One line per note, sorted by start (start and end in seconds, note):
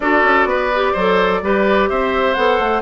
0.00 0.23 D4
0.00 0.72 F#4
0.00 0.48 A4
0.00 1.89 D5
0.23 0.44 C#4
0.44 0.92 B3
0.44 0.92 B4
0.74 0.98 G4
0.92 1.42 F#3
0.92 1.43 A4
0.92 1.40 C5
1.42 1.89 G3
1.42 2.36 G4
1.42 1.89 B4
1.89 2.36 C4
1.89 2.82 C5
1.89 2.34 E5
2.34 2.59 B3
2.34 2.82 A4
2.34 2.81 F#5
2.59 2.82 A3